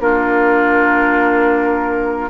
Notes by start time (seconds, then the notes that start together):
0.00 A#3 D4 F4 A#4